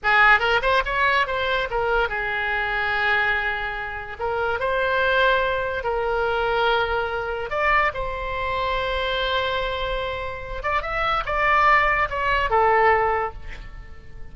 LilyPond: \new Staff \with { instrumentName = "oboe" } { \time 4/4 \tempo 4 = 144 gis'4 ais'8 c''8 cis''4 c''4 | ais'4 gis'2.~ | gis'2 ais'4 c''4~ | c''2 ais'2~ |
ais'2 d''4 c''4~ | c''1~ | c''4. d''8 e''4 d''4~ | d''4 cis''4 a'2 | }